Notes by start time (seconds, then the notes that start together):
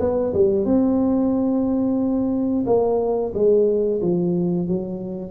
0.00 B3
0.34 G3
0.65 C4
2.66 A#3
3.35 G#3
4.02 F3
4.68 F#3